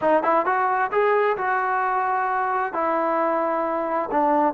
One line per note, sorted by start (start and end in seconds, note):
0.01 0.23 D#4
0.23 0.45 E4
0.45 0.90 F#4
0.91 1.36 G#4
1.37 2.73 F#4
2.73 4.09 E4
4.11 4.54 D4